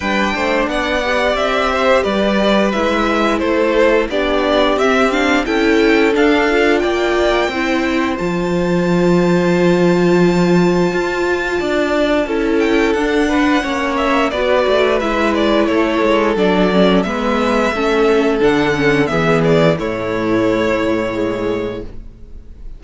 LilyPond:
<<
  \new Staff \with { instrumentName = "violin" } { \time 4/4 \tempo 4 = 88 g''4 fis''4 e''4 d''4 | e''4 c''4 d''4 e''8 f''8 | g''4 f''4 g''2 | a''1~ |
a''2~ a''8 g''8 fis''4~ | fis''8 e''8 d''4 e''8 d''8 cis''4 | d''4 e''2 fis''4 | e''8 d''8 cis''2. | }
  \new Staff \with { instrumentName = "violin" } { \time 4/4 b'8 c''8 d''4. c''8 b'4~ | b'4 a'4 g'2 | a'2 d''4 c''4~ | c''1~ |
c''4 d''4 a'4. b'8 | cis''4 b'2 a'4~ | a'4 b'4 a'2 | gis'4 e'2. | }
  \new Staff \with { instrumentName = "viola" } { \time 4/4 d'4. g'2~ g'8 | e'2 d'4 c'8 d'8 | e'4 d'8 f'4. e'4 | f'1~ |
f'2 e'4 d'4 | cis'4 fis'4 e'2 | d'8 cis'8 b4 cis'4 d'8 cis'8 | b4 a2 gis4 | }
  \new Staff \with { instrumentName = "cello" } { \time 4/4 g8 a8 b4 c'4 g4 | gis4 a4 b4 c'4 | cis'4 d'4 ais4 c'4 | f1 |
f'4 d'4 cis'4 d'4 | ais4 b8 a8 gis4 a8 gis8 | fis4 gis4 a4 d4 | e4 a,2. | }
>>